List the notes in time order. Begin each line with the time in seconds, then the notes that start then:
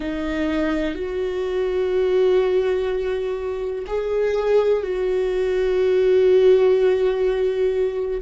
0.00 D#4
0.94 F#4
3.87 G#4
4.82 F#4